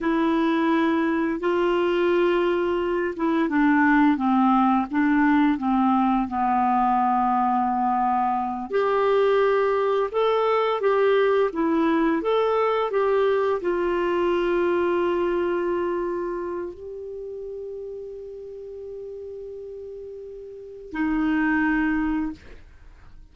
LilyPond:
\new Staff \with { instrumentName = "clarinet" } { \time 4/4 \tempo 4 = 86 e'2 f'2~ | f'8 e'8 d'4 c'4 d'4 | c'4 b2.~ | b8 g'2 a'4 g'8~ |
g'8 e'4 a'4 g'4 f'8~ | f'1 | g'1~ | g'2 dis'2 | }